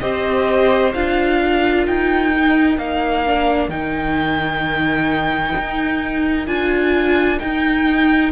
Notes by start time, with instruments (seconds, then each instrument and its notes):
0.00 cello C4, viola G4, violin C5 D#5
0.94 cello D4, viola F4, violin F5
1.41 violin A#4
1.86 cello D#4, violin G5
2.36 viola D#4
2.77 cello A#3, violin F5
3.26 viola D4
3.68 cello D#3, viola D#4, violin G5
5.57 cello D#4
6.46 cello D4, viola F4, violin G#5
7.39 viola D#4, cello D#4, violin G5